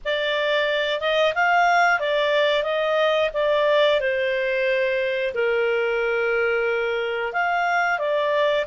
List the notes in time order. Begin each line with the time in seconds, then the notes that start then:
0.04 D5
1.00 D#5
1.34 F5
1.99 D5
2.63 D#5
3.33 D5
4.00 C5
5.34 A#4
7.32 F5
7.98 D5